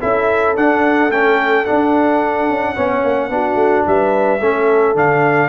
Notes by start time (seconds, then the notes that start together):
0.00 C#4 E4 A4 E5
0.56 D4 F#5
1.10 A3 C#4 G5
1.65 D4 F#5
2.49 C#4
2.74 B3 C#4 C#5
3.04 A#3
3.30 B3 D4 F#4
3.55 A3
3.87 G3 B4 E5
4.40 A3 C#4 A4
4.95 D3 D4 F5